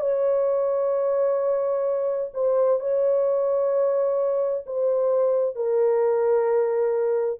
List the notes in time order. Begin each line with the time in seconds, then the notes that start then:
0.00 C#5
2.33 C5
2.80 C#5
4.66 C5
5.55 A#4